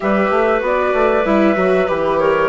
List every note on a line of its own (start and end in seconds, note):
0.00 0.30 G3
0.00 0.59 G4
0.00 2.19 B4
0.00 0.61 E5
0.30 0.61 A3
0.59 0.92 B3
0.59 1.21 F#4
0.65 1.25 D5
0.93 1.24 A3
1.25 1.56 G3
1.25 1.55 E4
1.25 1.88 E5
1.55 1.87 F#3
1.55 1.86 F#4
1.87 2.49 E3
1.87 2.49 G4
1.87 2.18 B4
2.18 2.49 A#4
2.18 2.49 C#5